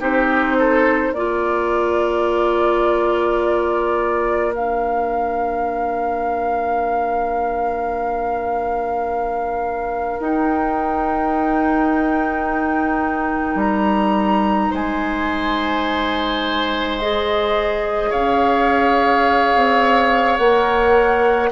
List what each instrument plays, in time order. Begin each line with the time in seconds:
0.00 bassoon C4, clarinet D#4, oboe G4, flute C5
0.59 oboe A4
1.12 bassoon A#3, clarinet F4, oboe A#4, flute D5
4.52 clarinet D4, flute F5
10.20 bassoon D#4, clarinet D#4, flute G5
13.55 bassoon G3, flute A#5
14.71 bassoon G#3, oboe C5, flute G#5
16.99 clarinet G#4, flute D#5
18.10 bassoon C#4, oboe C#5, flute F5
19.55 bassoon C4
20.37 bassoon A#3, clarinet A#4, flute F#5